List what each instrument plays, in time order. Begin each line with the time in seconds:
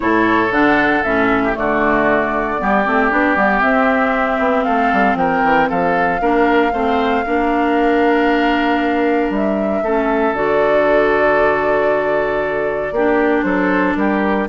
0.00 bassoon A2, clarinet E4, oboe A4, flute C#5
0.51 bassoon D3, clarinet D4, flute F#5
1.03 bassoon A2, clarinet C#4, flute E5
1.43 oboe G4
1.53 bassoon D3, clarinet A3, oboe F#4, flute D5
2.58 bassoon G3, clarinet B3, oboe G4
2.84 bassoon A3, clarinet C4
3.10 bassoon B3, clarinet D4
3.35 bassoon G3, clarinet B3
3.60 clarinet C4, bassoon C4, flute E5
4.38 bassoon B3
4.64 bassoon A3, oboe A4, flute F5
4.92 bassoon G3
5.14 bassoon F3, oboe A#4, flute G5
5.44 bassoon E3
5.69 bassoon F3, oboe A4, flute F5
6.20 bassoon A#3, clarinet D4, oboe A#4
6.72 bassoon A3, clarinet C4, oboe C5
7.25 bassoon A#3, clarinet D4, oboe A#4
9.30 bassoon G3, flute E5
9.82 bassoon A3, clarinet C#4, oboe A4
10.33 bassoon D3, clarinet F#4, flute D5
12.91 bassoon A#3, clarinet D4, oboe G4
13.42 bassoon F#3, oboe A4, flute C5
13.96 bassoon G3, oboe G4, flute A#4